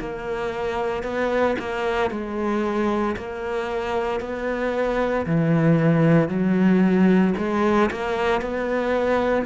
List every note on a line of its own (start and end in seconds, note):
0.00 1.03 A#3
1.03 1.56 B3
1.59 2.11 A#3
2.11 3.16 G#3
3.17 4.21 A#3
4.21 5.26 B3
5.26 6.29 E3
6.29 7.34 F#3
7.38 7.90 G#3
7.91 8.42 A#3
8.42 9.46 B3